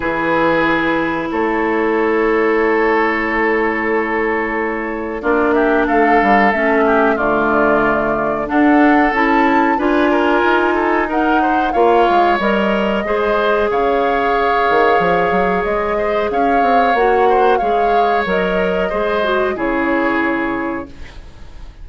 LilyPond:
<<
  \new Staff \with { instrumentName = "flute" } { \time 4/4 \tempo 4 = 92 b'2 cis''2~ | cis''1 | d''8 e''8 f''4 e''4 d''4~ | d''4 fis''4 a''4 gis''4~ |
gis''4 fis''4 f''4 dis''4~ | dis''4 f''2. | dis''4 f''4 fis''4 f''4 | dis''2 cis''2 | }
  \new Staff \with { instrumentName = "oboe" } { \time 4/4 gis'2 a'2~ | a'1 | f'8 g'8 a'4. g'8 f'4~ | f'4 a'2 b'8 ais'8~ |
ais'8 a'8 ais'8 c''8 cis''2 | c''4 cis''2.~ | cis''8 c''8 cis''4. c''8 cis''4~ | cis''4 c''4 gis'2 | }
  \new Staff \with { instrumentName = "clarinet" } { \time 4/4 e'1~ | e'1 | d'2 cis'4 a4~ | a4 d'4 e'4 f'4~ |
f'4 dis'4 f'4 ais'4 | gis'1~ | gis'2 fis'4 gis'4 | ais'4 gis'8 fis'8 e'2 | }
  \new Staff \with { instrumentName = "bassoon" } { \time 4/4 e2 a2~ | a1 | ais4 a8 g8 a4 d4~ | d4 d'4 cis'4 d'4 |
dis'2 ais8 gis8 g4 | gis4 cis4. dis8 f8 fis8 | gis4 cis'8 c'8 ais4 gis4 | fis4 gis4 cis2 | }
>>